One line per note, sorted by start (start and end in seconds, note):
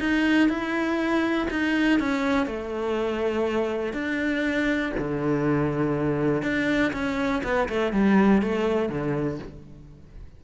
0.00 0.49 D#4
0.49 1.49 E4
1.51 2.00 D#4
2.00 2.47 C#4
2.47 3.94 A3
3.94 4.93 D4
4.99 6.43 D3
6.43 6.92 D4
6.94 7.43 C#4
7.44 7.69 B3
7.69 7.93 A3
7.93 8.43 G3
8.43 8.90 A3
8.90 9.39 D3